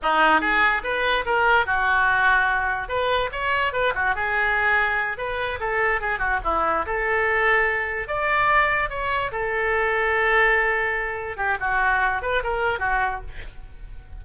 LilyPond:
\new Staff \with { instrumentName = "oboe" } { \time 4/4 \tempo 4 = 145 dis'4 gis'4 b'4 ais'4 | fis'2. b'4 | cis''4 b'8 fis'8 gis'2~ | gis'8 b'4 a'4 gis'8 fis'8 e'8~ |
e'8 a'2. d''8~ | d''4. cis''4 a'4.~ | a'2.~ a'8 g'8 | fis'4. b'8 ais'4 fis'4 | }